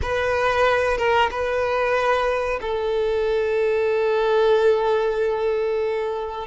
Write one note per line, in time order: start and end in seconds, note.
0.02 0.97 B4
0.97 1.29 A#4
1.30 2.59 B4
2.61 6.47 A4